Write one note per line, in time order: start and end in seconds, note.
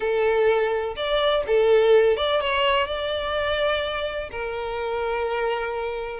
0.00 0.95 A4
0.96 1.43 D5
1.47 2.17 A4
2.17 2.40 D5
2.40 2.86 C#5
2.86 4.29 D5
4.31 6.20 A#4